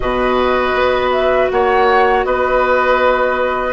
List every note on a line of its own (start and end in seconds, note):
0.00 0.74 B2
0.00 3.72 F#4
0.00 1.52 B4
0.00 1.10 D#5
0.74 1.49 B3
1.12 1.49 E5
1.50 2.25 A#3
1.50 2.25 C#5
1.50 2.24 F#5
2.24 3.72 B3
2.24 3.72 B4
2.24 3.72 D#5